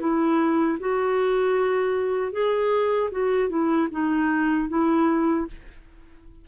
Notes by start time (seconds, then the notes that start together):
0.00 E4
0.80 F#4
2.32 G#4
3.11 F#4
3.49 E4
3.91 D#4
4.69 E4